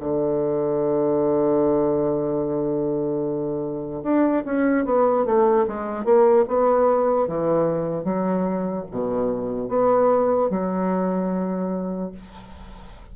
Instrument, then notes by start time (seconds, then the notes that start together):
bassoon
0.00 D3
4.03 D4
4.45 C#4
4.85 B3
5.26 A3
5.67 G#3
6.04 A#3
6.48 B3
7.28 E3
8.04 F#3
8.91 B2
9.69 B3
10.50 F#3